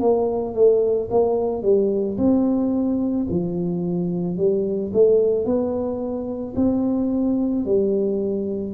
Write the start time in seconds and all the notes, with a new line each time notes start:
0.00 A#3
0.55 A3
1.11 A#3
1.63 G3
2.18 C4
3.30 F3
4.37 G3
4.93 A3
5.45 B3
6.57 C4
7.65 G3